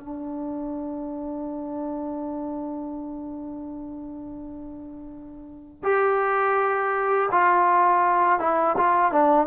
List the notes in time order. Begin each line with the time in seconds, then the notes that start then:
0.00 D4
5.83 G4
7.32 F4
8.39 E4
8.77 F4
9.12 D4